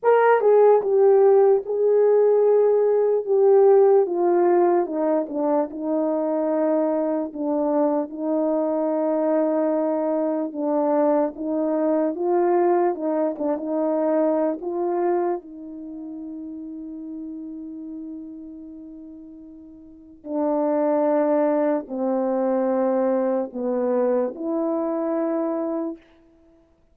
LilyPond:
\new Staff \with { instrumentName = "horn" } { \time 4/4 \tempo 4 = 74 ais'8 gis'8 g'4 gis'2 | g'4 f'4 dis'8 d'8 dis'4~ | dis'4 d'4 dis'2~ | dis'4 d'4 dis'4 f'4 |
dis'8 d'16 dis'4~ dis'16 f'4 dis'4~ | dis'1~ | dis'4 d'2 c'4~ | c'4 b4 e'2 | }